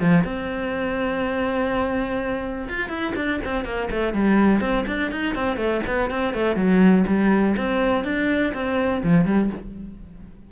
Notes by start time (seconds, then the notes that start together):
0.00 F3
0.24 C4
2.68 F4
2.89 E4
3.15 D4
3.44 C4
3.65 A#3
3.90 A3
4.13 G3
4.61 C4
4.87 D4
5.11 D#4
5.35 C4
5.56 A3
5.86 B3
6.10 C4
6.33 A3
6.55 F#3
7.07 G3
7.57 C4
8.04 D4
8.53 C4
9.03 F3
9.25 G3